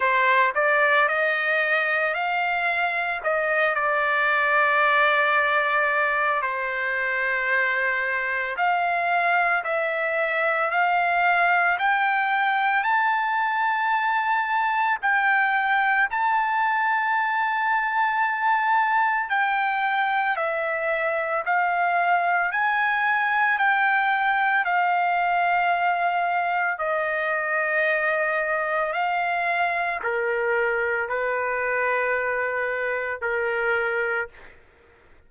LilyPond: \new Staff \with { instrumentName = "trumpet" } { \time 4/4 \tempo 4 = 56 c''8 d''8 dis''4 f''4 dis''8 d''8~ | d''2 c''2 | f''4 e''4 f''4 g''4 | a''2 g''4 a''4~ |
a''2 g''4 e''4 | f''4 gis''4 g''4 f''4~ | f''4 dis''2 f''4 | ais'4 b'2 ais'4 | }